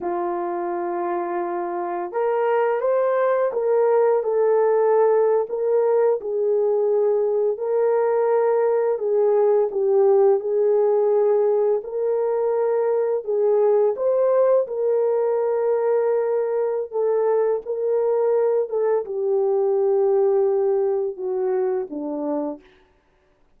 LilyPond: \new Staff \with { instrumentName = "horn" } { \time 4/4 \tempo 4 = 85 f'2. ais'4 | c''4 ais'4 a'4.~ a'16 ais'16~ | ais'8. gis'2 ais'4~ ais'16~ | ais'8. gis'4 g'4 gis'4~ gis'16~ |
gis'8. ais'2 gis'4 c''16~ | c''8. ais'2.~ ais'16 | a'4 ais'4. a'8 g'4~ | g'2 fis'4 d'4 | }